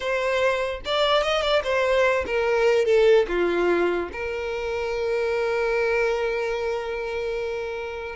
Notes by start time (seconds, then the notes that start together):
0.00 C5
0.85 D5
1.22 D#5
1.42 D5
1.63 C5
2.26 A#4
2.85 A4
3.27 F4
4.12 A#4